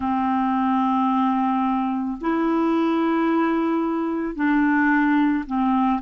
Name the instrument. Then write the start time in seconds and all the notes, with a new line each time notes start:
clarinet
0.00 C4
2.20 E4
4.35 D4
5.46 C4